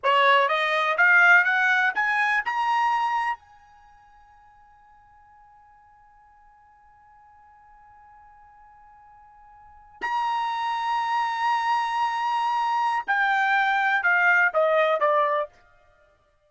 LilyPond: \new Staff \with { instrumentName = "trumpet" } { \time 4/4 \tempo 4 = 124 cis''4 dis''4 f''4 fis''4 | gis''4 ais''2 gis''4~ | gis''1~ | gis''1~ |
gis''1~ | gis''8. ais''2.~ ais''16~ | ais''2. g''4~ | g''4 f''4 dis''4 d''4 | }